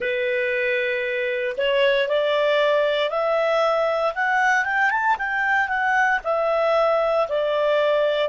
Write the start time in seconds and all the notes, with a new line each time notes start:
0.00 B4
1.58 C#5
2.08 D5
3.09 E5
4.14 F#5
4.65 G5
4.90 A5
5.18 G5
5.68 F#5
6.24 E5
7.28 D5